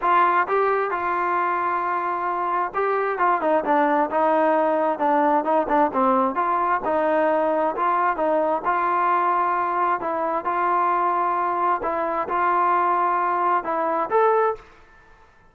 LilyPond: \new Staff \with { instrumentName = "trombone" } { \time 4/4 \tempo 4 = 132 f'4 g'4 f'2~ | f'2 g'4 f'8 dis'8 | d'4 dis'2 d'4 | dis'8 d'8 c'4 f'4 dis'4~ |
dis'4 f'4 dis'4 f'4~ | f'2 e'4 f'4~ | f'2 e'4 f'4~ | f'2 e'4 a'4 | }